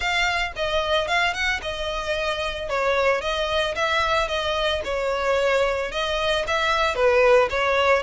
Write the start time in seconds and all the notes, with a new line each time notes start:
0.00 F5
0.56 D#5
1.07 F5
1.33 F#5
1.62 D#5
2.69 C#5
3.21 D#5
3.75 E5
4.27 D#5
4.84 C#5
5.91 D#5
6.47 E5
6.95 B4
7.50 C#5